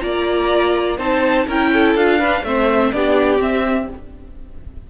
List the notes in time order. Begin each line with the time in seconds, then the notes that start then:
0.00 A#3 F4 D5 A#5
0.97 C4 D#4 C5 A5
1.47 C#4 E4 A#4 G5
1.73 A4
1.95 D4 F4 F5
2.19 D4 B4
2.43 A3 C4 C5 E5
2.92 B3 D4 G4 D5
3.38 C4 E5